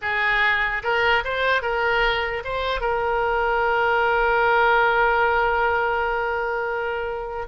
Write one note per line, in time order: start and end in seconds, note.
0.01 0.82 G#4
0.83 1.23 A#4
1.24 1.62 C5
1.62 2.43 A#4
2.44 2.81 C5
2.81 7.47 A#4